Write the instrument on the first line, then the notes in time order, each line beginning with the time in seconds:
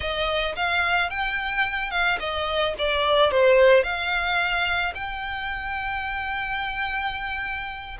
violin
0.00 D#5
0.56 F5
1.10 G5
1.90 F5
2.19 D#5
2.78 D5
3.31 C5
3.83 F5
4.94 G5